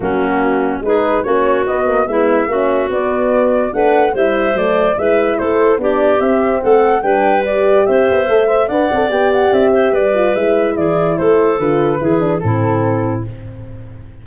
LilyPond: <<
  \new Staff \with { instrumentName = "flute" } { \time 4/4 \tempo 4 = 145 fis'2 b'4 cis''4 | dis''4 e''2 d''4~ | d''4 fis''4 e''4 d''4 | e''4 c''4 d''4 e''4 |
fis''4 g''4 d''4 e''4~ | e''4 fis''4 g''8 fis''8 e''4 | d''4 e''4 d''4 c''4 | b'2 a'2 | }
  \new Staff \with { instrumentName = "clarinet" } { \time 4/4 cis'2 gis'4 fis'4~ | fis'4 e'4 fis'2~ | fis'4 b'4 c''2 | b'4 a'4 g'2 |
a'4 b'2 c''4~ | c''8 e''8 d''2~ d''8 c''8 | b'2 gis'4 a'4~ | a'4 gis'4 e'2 | }
  \new Staff \with { instrumentName = "horn" } { \time 4/4 ais2 dis'4 cis'4 | b8 ais8 b4 cis'4 b4~ | b4 d'4 e'4 a4 | e'2 d'4 c'4~ |
c'4 d'4 g'2 | a'8 c''8 b'8 a'8 g'2~ | g'8 f'8 e'2. | f'4 e'8 d'8 c'2 | }
  \new Staff \with { instrumentName = "tuba" } { \time 4/4 fis2 gis4 ais4 | b4 gis4 ais4 b4~ | b4 a4 g4 fis4 | gis4 a4 b4 c'4 |
a4 g2 c'8 b8 | a4 d'8 c'8 b4 c'4 | g4 gis4 e4 a4 | d4 e4 a,2 | }
>>